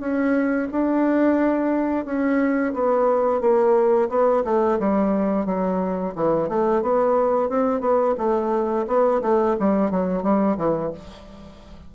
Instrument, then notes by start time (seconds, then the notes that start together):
bassoon
0.00 C#4
0.72 D4
2.05 C#4
2.74 B3
3.41 A#3
4.09 B3
4.44 A3
4.79 G3
5.46 F#3
6.15 E3
6.49 A3
6.82 B3
7.49 C4
7.81 B3
8.18 A3
8.87 B3
9.22 A3
9.60 G3
9.91 F#3
10.23 G3
10.57 E3